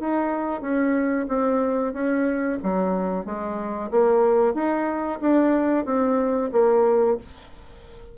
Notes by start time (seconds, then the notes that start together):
0.00 D#4
0.62 C#4
1.28 C4
1.94 C#4
2.63 F#3
3.25 G#3
3.91 A#3
4.54 D#4
5.21 D4
5.85 C4
6.52 A#3